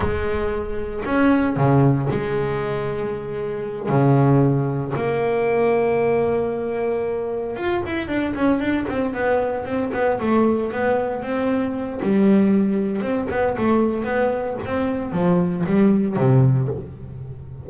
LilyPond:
\new Staff \with { instrumentName = "double bass" } { \time 4/4 \tempo 4 = 115 gis2 cis'4 cis4 | gis2.~ gis8 cis8~ | cis4. ais2~ ais8~ | ais2~ ais8 f'8 e'8 d'8 |
cis'8 d'8 c'8 b4 c'8 b8 a8~ | a8 b4 c'4. g4~ | g4 c'8 b8 a4 b4 | c'4 f4 g4 c4 | }